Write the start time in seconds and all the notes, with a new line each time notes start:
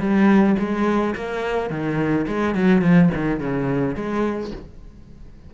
0.00 G3
0.59 G#3
1.16 A#3
1.71 D#3
2.28 G#3
2.55 F#3
2.82 F3
3.15 D#3
3.40 C#3
3.95 G#3